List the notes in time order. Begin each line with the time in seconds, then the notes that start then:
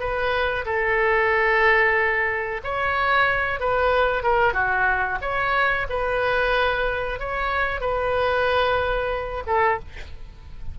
0.00 B4
0.65 A4
2.64 C#5
3.60 B4
4.23 A#4
4.53 F#4
5.21 C#5
5.89 B4
7.19 C#5
7.81 B4
9.46 A4